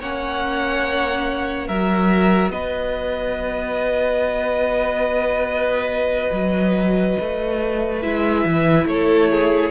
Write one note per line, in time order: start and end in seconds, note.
0.00 1.69 A#3
0.00 1.70 C#4
0.00 1.67 C#5
0.00 1.68 F#5
1.67 2.50 F#3
1.67 8.03 F#4
1.67 2.52 A#4
1.67 2.51 E5
2.50 6.30 B3
2.50 8.88 B4
2.50 8.00 D#5
6.32 7.17 F#3
7.20 8.04 A3
8.02 8.45 G#3
8.02 9.71 E4
8.02 8.87 E5
8.45 8.85 E3
8.85 9.70 A3
8.85 9.31 A4
8.85 9.71 C#5
9.31 9.71 G#4